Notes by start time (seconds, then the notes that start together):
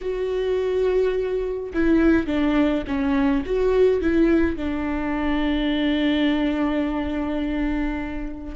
0.01 F#4
1.73 E4
2.26 D4
2.87 C#4
3.45 F#4
4.01 E4
4.56 D4